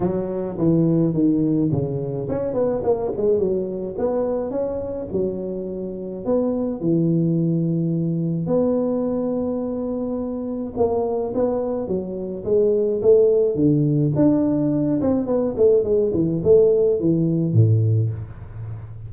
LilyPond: \new Staff \with { instrumentName = "tuba" } { \time 4/4 \tempo 4 = 106 fis4 e4 dis4 cis4 | cis'8 b8 ais8 gis8 fis4 b4 | cis'4 fis2 b4 | e2. b4~ |
b2. ais4 | b4 fis4 gis4 a4 | d4 d'4. c'8 b8 a8 | gis8 e8 a4 e4 a,4 | }